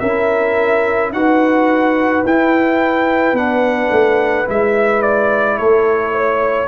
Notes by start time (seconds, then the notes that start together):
0.00 C#4 E4 A#4 E5
1.12 D#4 F#4 B4 F#5
2.26 E4 G5
3.33 B3 D4 F#5
3.91 A3
4.46 G#3 E4 E5
5.02 D5
5.58 A3 A4 C#5
6.13 C#5